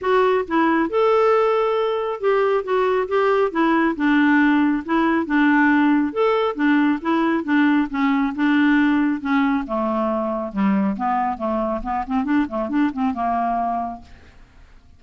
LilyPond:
\new Staff \with { instrumentName = "clarinet" } { \time 4/4 \tempo 4 = 137 fis'4 e'4 a'2~ | a'4 g'4 fis'4 g'4 | e'4 d'2 e'4 | d'2 a'4 d'4 |
e'4 d'4 cis'4 d'4~ | d'4 cis'4 a2 | g4 b4 a4 b8 c'8 | d'8 a8 d'8 c'8 ais2 | }